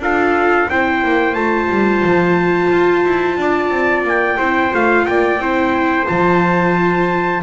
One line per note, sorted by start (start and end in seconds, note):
0.00 0.67 D4
0.00 0.69 F4
0.00 0.70 A4
0.00 0.70 F5
0.70 1.04 C4
0.70 1.36 E4
0.70 3.41 C5
0.70 1.35 G5
1.04 1.35 A#3
1.35 1.69 A3
1.35 4.39 F4
1.35 4.04 A5
1.70 2.04 G3
2.04 2.71 F3
2.72 3.05 F4
3.05 3.38 E4
3.38 3.71 D4
3.38 4.38 D5
3.71 4.04 C4
4.04 4.37 A#3
4.04 4.75 G5
4.38 4.73 C4
4.38 4.71 E4
4.38 5.06 C5
4.71 5.07 A3
4.71 5.39 F4
4.71 5.06 F5
5.06 5.38 A#3
5.06 5.43 D5
5.06 6.07 G5
5.38 6.05 C4
5.38 6.06 E4
5.38 7.43 C5
6.06 7.43 F3
6.06 7.41 F4
6.06 7.43 A5